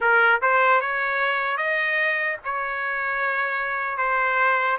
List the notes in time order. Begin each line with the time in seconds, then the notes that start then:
0.00 A#4
0.41 C5
0.80 C#5
1.57 D#5
2.44 C#5
3.97 C5